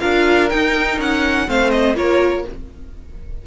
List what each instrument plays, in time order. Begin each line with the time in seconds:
0.00 cello D4, viola F4, violin A#4 F5
0.49 viola D#4, cello D#4, violin G5
0.98 cello C#4, violin F#5
1.46 cello A3, viola C4, violin C5 F5
1.70 violin D#5
1.95 cello A#3, viola F4, violin A#4 C#5